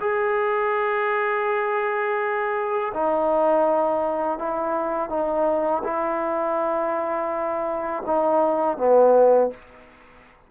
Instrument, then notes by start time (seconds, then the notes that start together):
trombone
0.00 G#4
2.94 D#4
4.39 E4
5.09 D#4
5.84 E4
8.06 D#4
8.77 B3